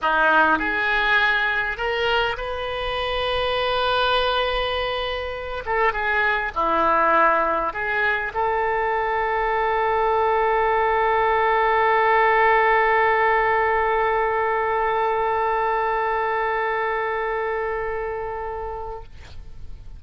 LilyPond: \new Staff \with { instrumentName = "oboe" } { \time 4/4 \tempo 4 = 101 dis'4 gis'2 ais'4 | b'1~ | b'4. a'8 gis'4 e'4~ | e'4 gis'4 a'2~ |
a'1~ | a'1~ | a'1~ | a'1 | }